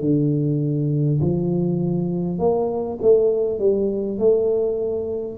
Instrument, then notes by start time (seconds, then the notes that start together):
tuba
0.00 D3
1.21 F3
2.38 A#3
3.02 A3
3.59 G3
4.19 A3